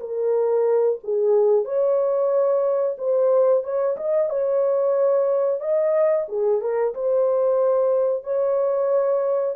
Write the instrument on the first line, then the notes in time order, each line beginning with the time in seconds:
horn
0.00 A#4
1.03 G#4
1.65 C#5
2.98 C5
3.64 C#5
3.97 D#5
4.29 C#5
5.60 D#5
6.29 G#4
6.61 A#4
6.94 C5
8.24 C#5